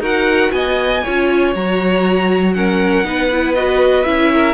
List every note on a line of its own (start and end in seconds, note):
0.00 0.50 D#4
0.00 1.02 F#4
0.00 0.52 A#4
0.00 0.52 F#5
0.52 1.02 B3
0.52 1.03 D#5
0.52 1.53 G#5
1.03 1.55 C#4
1.03 1.55 F4
1.03 2.54 C#5
1.55 3.04 F#3
1.55 2.56 F#4
1.55 2.53 A#5
2.53 3.05 C#4
2.53 3.07 A#4
2.53 3.54 F#5
3.04 4.05 B3
3.04 3.30 D#4
3.04 4.33 B4
3.32 3.57 E4
3.54 4.05 F#4
3.54 4.05 D#5
4.05 4.54 C#4
4.05 4.54 E4
4.05 4.54 E5
4.33 4.54 A#4